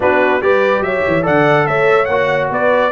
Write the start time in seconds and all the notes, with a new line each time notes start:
0.00 B3 D4 F#4 B4
0.41 G3 G4 B4 D5
0.80 F#3 C#5 E5
1.07 E3
1.21 D3 A4 D5 F#5
1.66 A3 C#5 E5
2.05 A#3 F#4 F#5
2.50 B3 B4 D5